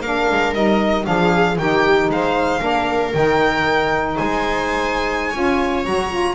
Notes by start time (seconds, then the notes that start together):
0.00 A#3 D4 A#4 F5
0.30 G#3
0.53 G3 D#4 D#5
1.03 F3 D4 G#4 F5
1.58 D#3 D#4 G4 G5
2.08 G#3 C5 F5
2.59 A#3 D4 A#4
3.13 D#3 D#4 G5
4.14 G#3 C5 G#5
5.29 C#4 F4 C#5
5.84 F#3 F#4 A#5
6.10 F4